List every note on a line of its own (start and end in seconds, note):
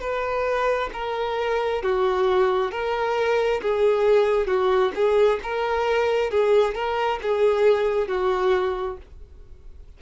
0.00 0.90 B4
0.93 1.82 A#4
1.82 2.71 F#4
2.71 3.61 A#4
3.61 4.47 G#4
4.47 4.91 F#4
4.95 5.39 G#4
5.43 6.31 A#4
6.31 6.74 G#4
6.74 7.19 A#4
7.22 8.07 G#4
8.07 8.97 F#4